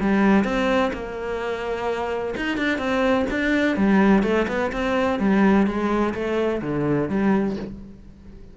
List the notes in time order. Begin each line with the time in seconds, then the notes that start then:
0.00 G3
0.44 C4
0.93 A#3
2.36 D#4
2.57 D4
2.78 C4
3.30 D4
3.77 G3
4.23 A3
4.48 B3
4.72 C4
5.19 G3
5.66 G#3
6.14 A3
6.61 D3
7.09 G3